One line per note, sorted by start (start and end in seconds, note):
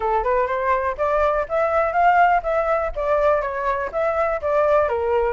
0.00 0.23 A4
0.23 0.47 B4
0.47 0.95 C5
0.97 1.46 D5
1.48 1.92 E5
1.92 2.41 F5
2.42 2.91 E5
2.95 3.41 D5
3.41 3.90 C#5
3.92 4.40 E5
4.41 4.88 D5
4.88 5.33 A#4